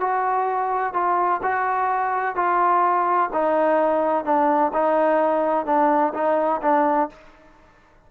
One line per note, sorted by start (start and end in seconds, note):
0.00 0.93 F#4
0.93 1.40 F4
1.42 2.35 F#4
2.35 3.30 F4
3.33 4.24 D#4
4.24 4.72 D4
4.73 5.66 D#4
5.66 6.13 D4
6.14 6.61 D#4
6.62 7.09 D4